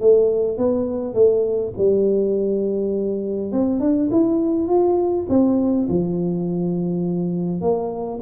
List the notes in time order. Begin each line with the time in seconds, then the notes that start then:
0.00 A3
0.57 B3
1.14 A3
1.77 G3
3.52 C4
3.79 D4
4.11 E4
4.67 F4
5.29 C4
5.89 F3
7.61 A#3